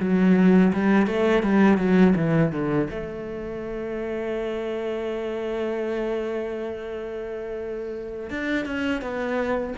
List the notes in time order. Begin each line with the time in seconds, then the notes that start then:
0.00 F#3
0.73 G3
1.07 A3
1.43 G3
1.77 F#3
2.16 E3
2.52 D3
2.90 A3
8.30 D4
8.66 C#4
9.01 B3